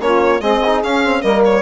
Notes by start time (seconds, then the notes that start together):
0.00 A#3 C#4 F4 C#5
0.40 G#3 C4 G#4 D#5
0.66 D#4
0.83 C#4 F5
1.04 C4
1.22 G3 A#3 A#4 D#5
1.45 C#5